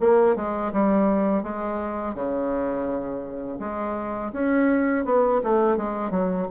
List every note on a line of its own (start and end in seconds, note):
0.00 0.35 A#3
0.35 0.72 G#3
0.72 1.43 G3
1.43 2.14 G#3
2.14 3.59 C#3
3.59 4.32 G#3
4.32 5.05 C#4
5.05 5.41 B3
5.43 5.77 A3
5.77 6.11 G#3
6.11 6.47 F#3